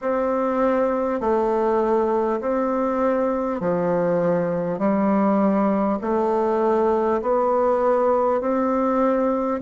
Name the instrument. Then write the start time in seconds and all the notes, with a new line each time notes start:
bassoon
0.01 C4
1.20 A3
2.41 C4
3.60 F3
4.78 G3
6.01 A3
7.21 B3
8.41 C4